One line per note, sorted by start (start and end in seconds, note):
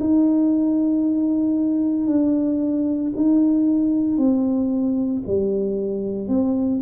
0.00 2.07 D#4
2.07 3.12 D4
3.16 4.18 D#4
4.18 5.23 C4
5.27 6.28 G3
6.28 6.80 C4